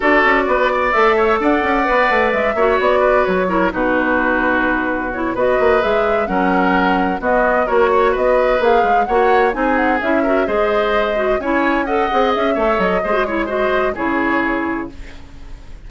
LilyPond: <<
  \new Staff \with { instrumentName = "flute" } { \time 4/4 \tempo 4 = 129 d''2 e''4 fis''4~ | fis''4 e''4 d''4 cis''4 | b'2. cis''8 dis''8~ | dis''8 e''4 fis''2 dis''8~ |
dis''8 cis''4 dis''4 f''4 fis''8~ | fis''8 gis''8 fis''8 e''4 dis''4.~ | dis''8 gis''4 fis''4 e''4 dis''8~ | dis''8 cis''8 dis''4 cis''2 | }
  \new Staff \with { instrumentName = "oboe" } { \time 4/4 a'4 b'8 d''4 cis''8 d''4~ | d''4. cis''4 b'4 ais'8 | fis'2.~ fis'8 b'8~ | b'4. ais'2 fis'8~ |
fis'8 ais'8 cis''8 b'2 cis''8~ | cis''8 gis'4. ais'8 c''4.~ | c''8 cis''4 dis''4. cis''4 | c''8 cis''8 c''4 gis'2 | }
  \new Staff \with { instrumentName = "clarinet" } { \time 4/4 fis'2 a'2 | b'4. fis'2 e'8 | dis'2. e'8 fis'8~ | fis'8 gis'4 cis'2 b8~ |
b8 fis'2 gis'4 fis'8~ | fis'8 dis'4 e'8 fis'8 gis'4. | fis'8 e'4 a'8 gis'4 a'4 | gis'16 fis'16 e'8 fis'4 e'2 | }
  \new Staff \with { instrumentName = "bassoon" } { \time 4/4 d'8 cis'8 b4 a4 d'8 cis'8 | b8 a8 gis8 ais8 b4 fis4 | b,2.~ b,8 b8 | ais8 gis4 fis2 b8~ |
b8 ais4 b4 ais8 gis8 ais8~ | ais8 c'4 cis'4 gis4.~ | gis8 cis'4. c'8 cis'8 a8 fis8 | gis2 cis2 | }
>>